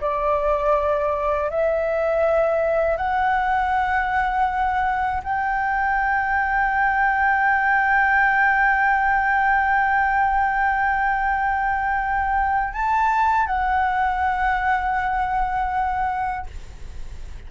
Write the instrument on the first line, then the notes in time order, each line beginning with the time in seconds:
flute
0.00 D5
1.50 E5
2.97 F#5
5.23 G5
12.73 A5
13.46 F#5